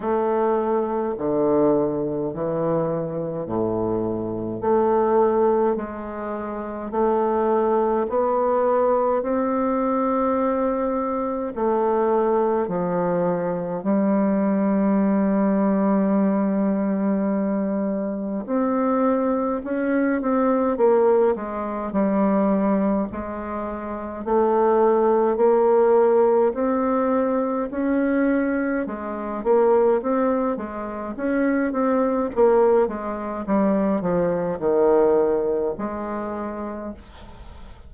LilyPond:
\new Staff \with { instrumentName = "bassoon" } { \time 4/4 \tempo 4 = 52 a4 d4 e4 a,4 | a4 gis4 a4 b4 | c'2 a4 f4 | g1 |
c'4 cis'8 c'8 ais8 gis8 g4 | gis4 a4 ais4 c'4 | cis'4 gis8 ais8 c'8 gis8 cis'8 c'8 | ais8 gis8 g8 f8 dis4 gis4 | }